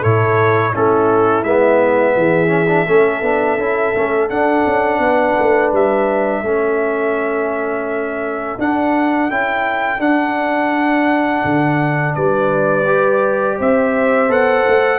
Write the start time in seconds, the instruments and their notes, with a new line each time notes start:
0.00 tuba A2, trombone E4, horn A4, trumpet C#5
0.72 tuba A3, trombone C#4, horn E4, trumpet A4
1.43 tuba G#3, trombone B3, trumpet E5
2.16 tuba E3, horn G#4
2.47 trombone C#4
2.68 trombone D4
2.87 tuba A3, trombone C#4, horn A4
3.22 tuba B3, trombone D4
3.57 tuba C#4, trombone E4
3.95 tuba A3, trombone C#4
4.29 tuba D4, trombone D4, trumpet F#5
4.66 tuba C#4
4.98 tuba B3, horn B4
5.39 tuba A3
5.72 tuba G3, trumpet E5
6.42 tuba A3, trombone C#4, horn A4
8.58 tuba D4, trombone D4, trumpet F#5
9.29 tuba C#4, trombone E4, trumpet G5
9.99 trombone D4, tuba D4, trumpet F#5
11.44 tuba D3
12.15 tuba G3, horn B4, trumpet D5
12.86 trombone G4
13.58 tuba C4, horn C5, trumpet E5
14.28 tuba B3, trombone A4, trumpet F#5
14.67 tuba A3